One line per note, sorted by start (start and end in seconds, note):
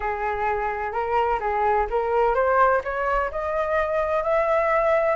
0.00 0.92 G#4
0.92 1.39 A#4
1.39 1.86 G#4
1.89 2.34 A#4
2.34 2.81 C5
2.84 3.30 C#5
3.31 4.23 D#5
4.23 5.15 E5